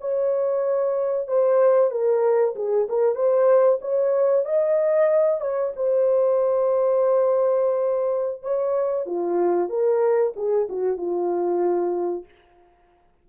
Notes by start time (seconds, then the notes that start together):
0.00 C#5
1.27 C5
1.90 A#4
2.55 G#4
2.88 A#4
3.15 C5
3.81 C#5
4.45 D#5
5.41 C#5
5.76 C5
8.42 C#5
9.06 F4
9.69 A#4
10.36 G#4
10.69 F#4
10.97 F4